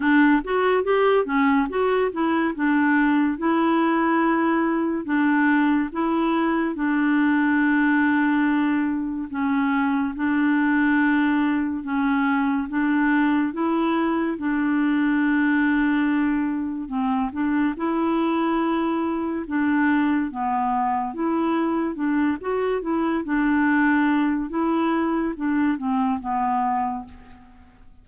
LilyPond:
\new Staff \with { instrumentName = "clarinet" } { \time 4/4 \tempo 4 = 71 d'8 fis'8 g'8 cis'8 fis'8 e'8 d'4 | e'2 d'4 e'4 | d'2. cis'4 | d'2 cis'4 d'4 |
e'4 d'2. | c'8 d'8 e'2 d'4 | b4 e'4 d'8 fis'8 e'8 d'8~ | d'4 e'4 d'8 c'8 b4 | }